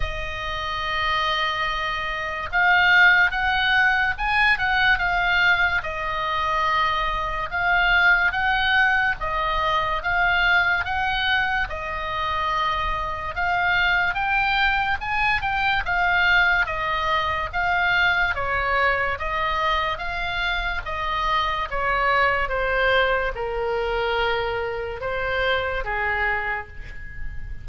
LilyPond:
\new Staff \with { instrumentName = "oboe" } { \time 4/4 \tempo 4 = 72 dis''2. f''4 | fis''4 gis''8 fis''8 f''4 dis''4~ | dis''4 f''4 fis''4 dis''4 | f''4 fis''4 dis''2 |
f''4 g''4 gis''8 g''8 f''4 | dis''4 f''4 cis''4 dis''4 | f''4 dis''4 cis''4 c''4 | ais'2 c''4 gis'4 | }